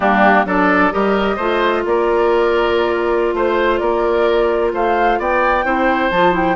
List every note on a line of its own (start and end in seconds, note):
0.00 0.45 G3
0.00 0.46 A#3
0.00 0.45 D4
0.00 0.46 G4
0.45 0.91 F#3
0.45 0.91 D4
0.45 0.93 A4
0.45 0.92 D5
0.91 1.37 G3
0.91 1.37 G4
0.91 1.36 A#4
0.91 1.84 D#5
1.36 1.83 A3
1.36 5.64 F4
1.36 1.82 C5
1.85 3.33 A#3
1.85 3.35 A#4
1.85 3.35 D5
3.33 3.80 A3
3.33 3.79 C5
3.33 3.77 C5
3.77 4.73 A#3
3.77 4.72 A#4
3.77 4.70 D5
4.73 5.18 A3
4.73 5.19 C5
4.73 5.20 F5
5.18 5.64 B3
5.18 5.65 D5
5.18 6.10 G5
5.64 6.10 C4
5.64 6.10 E4
5.64 6.55 C5
6.10 6.55 F3
6.10 6.31 F4
6.10 6.34 A5
6.31 6.54 E4
6.31 6.55 G5